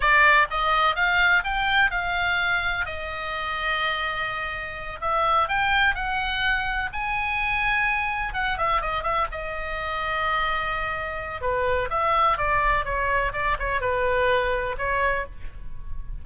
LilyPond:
\new Staff \with { instrumentName = "oboe" } { \time 4/4 \tempo 4 = 126 d''4 dis''4 f''4 g''4 | f''2 dis''2~ | dis''2~ dis''8 e''4 g''8~ | g''8 fis''2 gis''4.~ |
gis''4. fis''8 e''8 dis''8 e''8 dis''8~ | dis''1 | b'4 e''4 d''4 cis''4 | d''8 cis''8 b'2 cis''4 | }